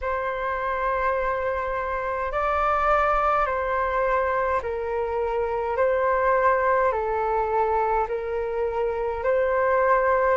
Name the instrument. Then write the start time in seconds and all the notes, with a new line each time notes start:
flute
0.01 C5
2.31 D5
3.46 C5
4.62 A#4
5.76 C5
6.92 A4
8.08 A#4
9.23 C5